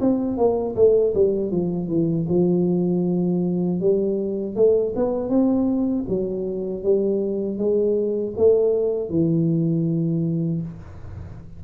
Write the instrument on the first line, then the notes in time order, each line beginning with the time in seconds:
tuba
0.00 C4
0.37 A#3
0.76 A3
1.14 G3
1.51 F3
1.88 E3
2.29 F3
3.80 G3
4.55 A3
4.95 B3
5.29 C4
6.08 F#3
6.83 G3
7.58 G#3
8.37 A3
9.10 E3